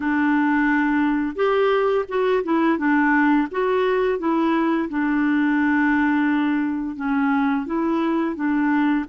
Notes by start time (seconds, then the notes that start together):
0.00 D4
1.35 G4
2.08 F#4
2.43 E4
2.77 D4
3.51 F#4
4.19 E4
4.89 D4
6.96 C#4
7.66 E4
8.35 D4